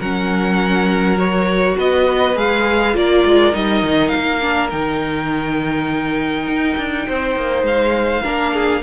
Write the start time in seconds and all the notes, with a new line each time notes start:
0.00 F#3 C#4 A#4 F#5
1.16 F#4 C#5
1.78 B3 B4 D#5
2.36 G#3 G#4 F5
2.94 A#3 F4 A#4 D5
3.25 G#3
3.52 G3 D#4 D#5
3.83 D#3
4.09 F5
4.15 A#3
4.41 D4
4.70 D#3 D#4 G5
6.47 D#4
6.77 D4
7.07 C4 C5
7.36 A#3
7.63 G#3 F5
8.23 A#3 D4 A#4
8.53 G#4